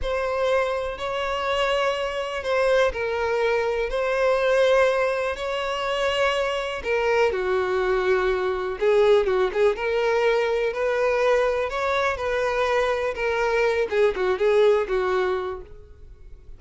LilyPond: \new Staff \with { instrumentName = "violin" } { \time 4/4 \tempo 4 = 123 c''2 cis''2~ | cis''4 c''4 ais'2 | c''2. cis''4~ | cis''2 ais'4 fis'4~ |
fis'2 gis'4 fis'8 gis'8 | ais'2 b'2 | cis''4 b'2 ais'4~ | ais'8 gis'8 fis'8 gis'4 fis'4. | }